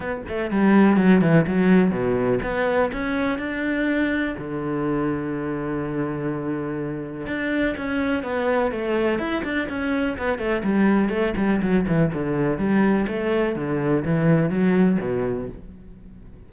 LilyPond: \new Staff \with { instrumentName = "cello" } { \time 4/4 \tempo 4 = 124 b8 a8 g4 fis8 e8 fis4 | b,4 b4 cis'4 d'4~ | d'4 d2.~ | d2. d'4 |
cis'4 b4 a4 e'8 d'8 | cis'4 b8 a8 g4 a8 g8 | fis8 e8 d4 g4 a4 | d4 e4 fis4 b,4 | }